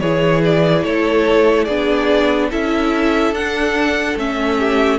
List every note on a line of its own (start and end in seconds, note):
0.00 0.84 E3
0.00 1.69 E4
0.00 0.84 G#4
0.00 0.42 C#5
0.45 0.84 D5
0.84 1.68 A3
0.84 1.65 A4
0.84 1.65 C#5
1.65 2.51 B3
1.65 2.51 D4
1.65 2.49 G#4
1.65 2.48 D5
2.50 3.31 C#4
2.50 3.34 E4
2.50 4.58 A4
2.50 3.34 E5
3.31 4.15 D4
3.31 4.18 D4
3.31 4.18 F#5
4.16 4.99 A3
4.16 4.99 C#4
4.16 4.99 E5
4.58 4.99 G4